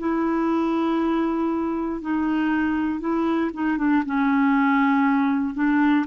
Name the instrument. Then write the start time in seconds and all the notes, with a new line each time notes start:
clarinet
0.00 E4
2.02 D#4
3.00 E4
3.54 D#4
3.78 D4
4.06 C#4
5.55 D4